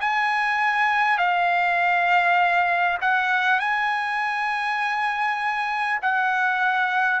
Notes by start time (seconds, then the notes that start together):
0.00 G#5
1.17 F5
3.01 F#5
3.59 G#5
6.02 F#5